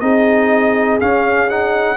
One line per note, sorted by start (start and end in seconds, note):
0.00 0.99 C4
0.00 0.99 D#4
0.00 1.96 G#4
0.00 0.98 D#5
1.00 1.49 C#4
1.00 1.96 C#4
1.00 1.49 F5
1.50 1.96 D#4
1.50 1.96 F#5